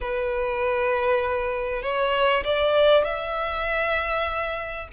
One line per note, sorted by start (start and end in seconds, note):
0.00 1.82 B4
1.82 2.43 C#5
2.44 3.04 D5
3.04 4.88 E5